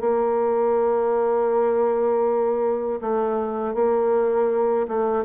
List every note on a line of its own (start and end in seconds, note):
0.00 3.00 A#3
3.00 3.74 A3
3.74 4.86 A#3
4.88 5.24 A3